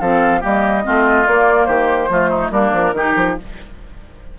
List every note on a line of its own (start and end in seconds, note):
0.00 0.42 F3
0.00 0.40 C4
0.00 0.41 A4
0.00 0.42 F5
0.40 0.86 G3
0.40 0.82 A#3
0.40 0.83 G4
0.40 1.28 D#5
0.83 1.26 A3
0.83 1.25 C4
0.83 1.67 F4
1.26 1.68 A#3
1.26 2.10 A#3
1.26 1.65 D5
1.65 2.09 D#3
1.65 2.09 G4
1.65 2.49 C5
2.09 2.50 F3
2.09 2.52 A3
2.09 2.29 F4
2.29 2.50 D#4
2.50 2.71 G3
2.50 2.94 A#3
2.50 2.94 D4
2.50 3.35 A#4
2.72 2.93 F3
2.93 3.14 D#3
2.93 3.37 D#4
2.93 3.38 G4
3.16 3.37 F3